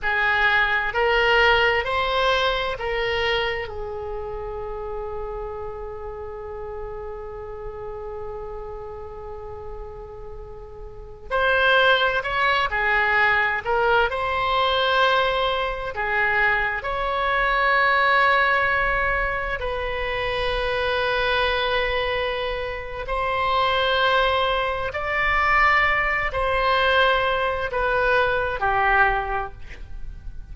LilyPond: \new Staff \with { instrumentName = "oboe" } { \time 4/4 \tempo 4 = 65 gis'4 ais'4 c''4 ais'4 | gis'1~ | gis'1~ | gis'16 c''4 cis''8 gis'4 ais'8 c''8.~ |
c''4~ c''16 gis'4 cis''4.~ cis''16~ | cis''4~ cis''16 b'2~ b'8.~ | b'4 c''2 d''4~ | d''8 c''4. b'4 g'4 | }